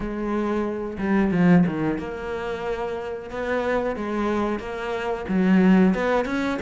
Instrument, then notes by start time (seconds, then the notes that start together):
cello
0.00 G#3
0.98 G3
1.31 F3
1.66 D#3
1.98 A#3
3.30 B3
3.96 G#3
4.59 A#3
5.28 F#3
5.94 B3
6.25 C#4